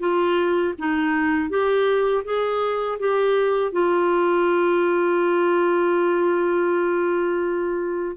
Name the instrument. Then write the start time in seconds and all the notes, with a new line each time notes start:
clarinet
0.00 F4
0.79 D#4
1.50 G4
2.25 G#4
2.99 G4
3.72 F4